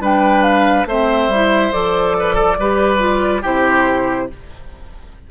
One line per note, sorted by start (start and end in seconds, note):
0.00 0.85 G3
0.00 0.87 D4
0.00 0.87 B4
0.00 0.43 G5
0.43 0.86 F5
0.85 1.28 A3
0.85 1.33 C4
0.85 2.17 C5
0.85 1.73 E5
1.28 1.71 G3
1.28 1.73 E4
1.73 2.58 F3
1.73 2.58 A4
1.73 3.44 D5
2.20 2.35 B4
2.35 2.56 A4
2.58 3.44 G3
2.58 2.99 G4
2.58 3.43 B4
2.99 3.41 F4
3.43 4.30 C3
3.43 4.29 E4
3.43 4.28 G4
3.43 4.31 C5